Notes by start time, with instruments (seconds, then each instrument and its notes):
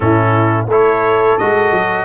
0.00 tuba A2, trombone C#4, horn E4, trumpet A4
0.67 tuba A3, trombone E4, horn A4, trumpet C#5
1.37 tuba G#3, trombone F#4, trumpet D#5
1.71 tuba F#3